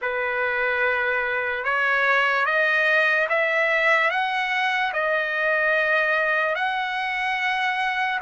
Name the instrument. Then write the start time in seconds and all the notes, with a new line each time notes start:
trumpet
0.01 B4
1.64 C#5
2.45 D#5
3.29 E5
4.10 F#5
4.93 D#5
6.55 F#5